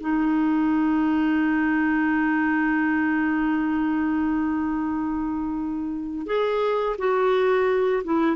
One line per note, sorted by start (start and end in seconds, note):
0.00 6.26 D#4
6.26 6.96 G#4
6.98 8.03 F#4
8.04 8.36 E4